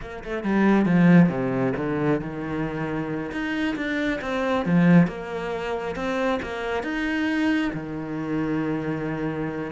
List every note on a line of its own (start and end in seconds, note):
0.01 0.23 A#3
0.24 0.43 A3
0.43 0.85 G3
0.85 1.29 F3
1.29 1.73 C3
1.76 2.20 D3
2.20 3.31 D#3
3.31 3.75 D#4
3.76 4.20 D4
4.21 4.65 C4
4.65 5.07 F3
5.07 5.95 A#3
5.95 6.39 C4
6.42 6.83 A#3
6.83 7.71 D#4
7.73 9.72 D#3